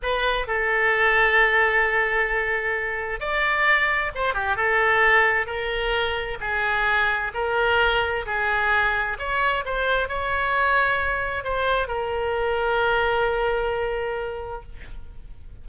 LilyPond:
\new Staff \with { instrumentName = "oboe" } { \time 4/4 \tempo 4 = 131 b'4 a'2.~ | a'2. d''4~ | d''4 c''8 g'8 a'2 | ais'2 gis'2 |
ais'2 gis'2 | cis''4 c''4 cis''2~ | cis''4 c''4 ais'2~ | ais'1 | }